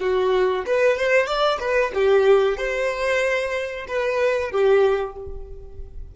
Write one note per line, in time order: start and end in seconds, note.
0.00 0.65 F#4
0.66 0.97 B4
0.97 1.27 C5
1.27 1.59 D5
1.60 1.92 B4
1.94 2.57 G4
2.57 3.86 C5
3.88 4.51 B4
4.51 5.16 G4